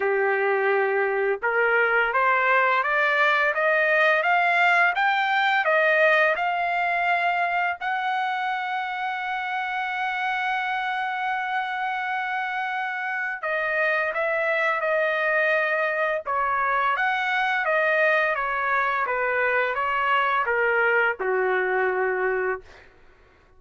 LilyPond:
\new Staff \with { instrumentName = "trumpet" } { \time 4/4 \tempo 4 = 85 g'2 ais'4 c''4 | d''4 dis''4 f''4 g''4 | dis''4 f''2 fis''4~ | fis''1~ |
fis''2. dis''4 | e''4 dis''2 cis''4 | fis''4 dis''4 cis''4 b'4 | cis''4 ais'4 fis'2 | }